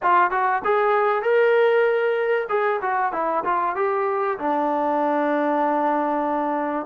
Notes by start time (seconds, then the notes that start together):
0.02 F4
0.31 F#4
0.64 G#4
1.22 A#4
2.49 G#4
2.81 F#4
3.12 E4
3.44 F4
3.75 G4
4.38 D4